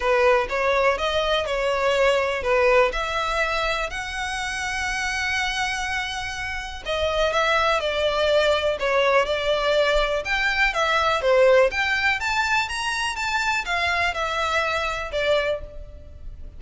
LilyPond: \new Staff \with { instrumentName = "violin" } { \time 4/4 \tempo 4 = 123 b'4 cis''4 dis''4 cis''4~ | cis''4 b'4 e''2 | fis''1~ | fis''2 dis''4 e''4 |
d''2 cis''4 d''4~ | d''4 g''4 e''4 c''4 | g''4 a''4 ais''4 a''4 | f''4 e''2 d''4 | }